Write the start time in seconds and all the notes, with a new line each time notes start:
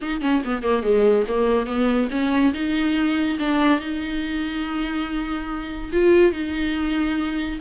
0.01 D#4
0.21 C#4
0.45 B3
0.63 A#3
0.83 G#3
1.28 A#3
1.66 B3
2.10 C#4
2.53 D#4
3.39 D4
3.79 D#4
5.92 F4
6.32 D#4